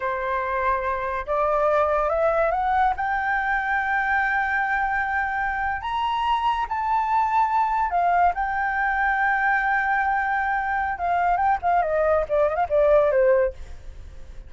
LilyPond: \new Staff \with { instrumentName = "flute" } { \time 4/4 \tempo 4 = 142 c''2. d''4~ | d''4 e''4 fis''4 g''4~ | g''1~ | g''4.~ g''16 ais''2 a''16~ |
a''2~ a''8. f''4 g''16~ | g''1~ | g''2 f''4 g''8 f''8 | dis''4 d''8 dis''16 f''16 d''4 c''4 | }